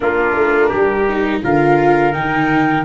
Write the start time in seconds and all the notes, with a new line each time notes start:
0.00 A#3 D4 F4 A#4
0.35 A3
0.69 G3 G4
1.08 D#4
1.43 D3 F4 A#4 F5
2.12 D#3 D#4 G5